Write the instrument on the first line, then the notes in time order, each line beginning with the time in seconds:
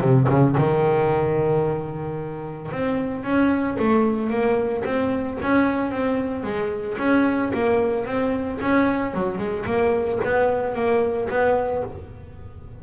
double bass
0.00 C3
0.29 C#3
0.57 D#3
2.72 C4
3.24 C#4
3.78 A3
4.30 A#3
4.85 C4
5.42 C#4
5.91 C4
6.44 G#3
6.98 C#4
7.53 A#3
8.06 C4
8.61 C#4
9.14 F#3
9.38 G#3
9.66 A#3
10.24 B3
10.75 A#3
11.30 B3